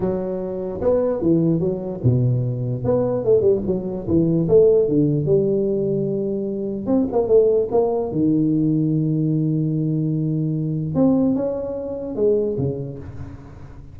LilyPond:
\new Staff \with { instrumentName = "tuba" } { \time 4/4 \tempo 4 = 148 fis2 b4 e4 | fis4 b,2 b4 | a8 g8 fis4 e4 a4 | d4 g2.~ |
g4 c'8 ais8 a4 ais4 | dis1~ | dis2. c'4 | cis'2 gis4 cis4 | }